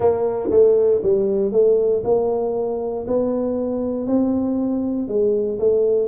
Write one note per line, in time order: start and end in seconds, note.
0.00 0.49 A#3
0.50 1.01 A3
1.02 1.52 G3
1.52 2.02 A3
2.04 3.05 A#3
3.07 4.06 B3
4.06 5.08 C4
5.08 5.58 G#3
5.59 6.08 A3